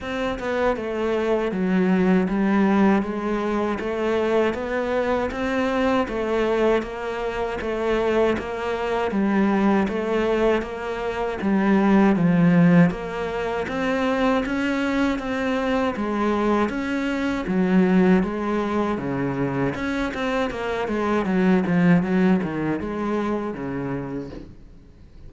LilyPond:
\new Staff \with { instrumentName = "cello" } { \time 4/4 \tempo 4 = 79 c'8 b8 a4 fis4 g4 | gis4 a4 b4 c'4 | a4 ais4 a4 ais4 | g4 a4 ais4 g4 |
f4 ais4 c'4 cis'4 | c'4 gis4 cis'4 fis4 | gis4 cis4 cis'8 c'8 ais8 gis8 | fis8 f8 fis8 dis8 gis4 cis4 | }